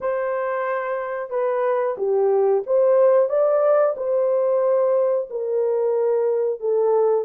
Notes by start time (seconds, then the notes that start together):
0.01 C5
1.29 B4
1.98 G4
2.66 C5
3.29 D5
3.96 C5
5.30 A#4
6.60 A4